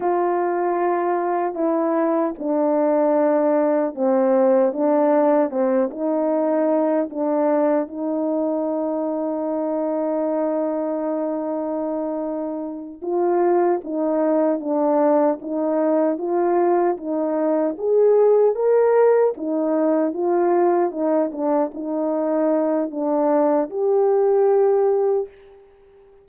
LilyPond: \new Staff \with { instrumentName = "horn" } { \time 4/4 \tempo 4 = 76 f'2 e'4 d'4~ | d'4 c'4 d'4 c'8 dis'8~ | dis'4 d'4 dis'2~ | dis'1~ |
dis'8 f'4 dis'4 d'4 dis'8~ | dis'8 f'4 dis'4 gis'4 ais'8~ | ais'8 dis'4 f'4 dis'8 d'8 dis'8~ | dis'4 d'4 g'2 | }